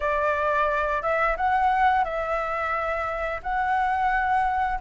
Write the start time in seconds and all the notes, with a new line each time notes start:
0.00 D5
1.02 E5
1.36 F#5
2.04 E5
3.42 F#5